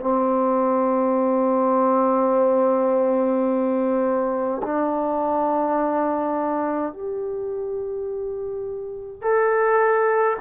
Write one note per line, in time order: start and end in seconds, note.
0.00 4.62 C4
4.63 6.93 D4
6.93 9.22 G4
9.22 10.37 A4